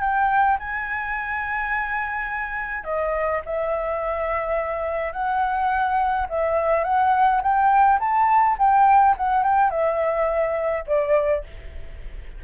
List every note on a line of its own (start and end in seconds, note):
0.00 0.57 G5
0.59 2.84 G#5
2.84 3.41 D#5
3.45 5.12 E5
5.12 6.26 F#5
6.29 6.84 E5
6.84 7.41 F#5
7.42 7.99 G5
7.99 8.56 A5
8.58 9.15 G5
9.17 9.43 F#5
9.43 9.70 G5
9.70 10.84 E5
10.86 11.43 D5